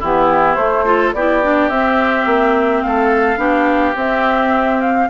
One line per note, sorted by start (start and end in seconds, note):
0.00 0.56 E3
0.00 0.58 B3
0.00 0.85 E4
0.00 0.55 G4
0.55 1.13 A3
0.55 0.85 A3
0.55 1.12 C5
0.85 1.14 F4
0.85 1.14 A4
1.13 1.69 B3
1.13 1.43 E4
1.13 2.86 G4
1.13 1.69 D5
1.43 1.71 D4
1.69 2.26 C4
1.69 3.37 C4
1.69 2.82 E5
2.26 2.83 A#3
2.82 3.37 A3
2.82 3.39 A4
2.82 3.96 F5
3.37 3.94 B3
3.37 3.94 D4
3.37 5.09 G4
3.95 5.08 C4
3.95 5.10 C4
3.95 4.81 E5
4.81 5.09 F5